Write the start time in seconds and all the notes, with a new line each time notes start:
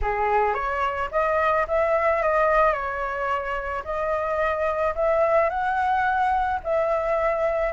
0.01 G#4
0.54 C#5
1.11 D#5
1.67 E5
2.22 D#5
2.72 C#5
3.84 D#5
4.95 E5
5.49 F#5
6.63 E5